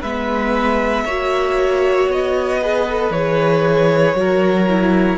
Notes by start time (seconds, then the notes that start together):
0.00 G#3 B3 B4 E5
1.05 A#3 F#4 C#5
2.07 B3 D#5
2.60 G#4 B4
2.87 A4
3.10 E3 G#4 C#5
4.14 F#3 F#4 A#4
4.68 E4